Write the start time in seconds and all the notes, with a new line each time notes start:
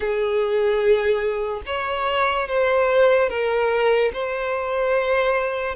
0.00 G#4
1.66 C#5
2.48 C5
3.29 A#4
4.13 C5